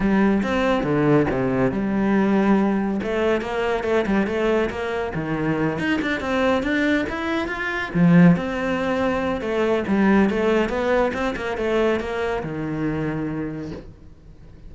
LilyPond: \new Staff \with { instrumentName = "cello" } { \time 4/4 \tempo 4 = 140 g4 c'4 d4 c4 | g2. a4 | ais4 a8 g8 a4 ais4 | dis4. dis'8 d'8 c'4 d'8~ |
d'8 e'4 f'4 f4 c'8~ | c'2 a4 g4 | a4 b4 c'8 ais8 a4 | ais4 dis2. | }